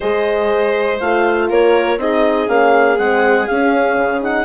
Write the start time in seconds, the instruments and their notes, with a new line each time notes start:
0.00 bassoon G#3, horn G#4, violin C5, clarinet D#5
1.00 bassoon A3, horn F4, clarinet F5
1.49 bassoon A#3, violin A#4, clarinet C#5
1.97 bassoon C4, horn D#4, violin G#4, clarinet D#5
2.47 bassoon A#3, horn C#4, clarinet F5
2.98 bassoon G#3, horn C4, clarinet F#5
3.46 horn C#4, bassoon C#4, clarinet F5
3.96 bassoon C#3
4.20 horn D#4, clarinet F#5